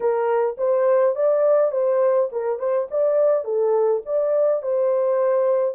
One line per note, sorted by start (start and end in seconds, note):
0.00 0.56 A#4
0.57 1.15 C5
1.15 1.72 D5
1.72 2.29 C5
2.32 2.59 A#4
2.59 2.88 C5
2.90 3.44 D5
3.44 4.02 A4
4.05 4.62 D5
4.62 5.74 C5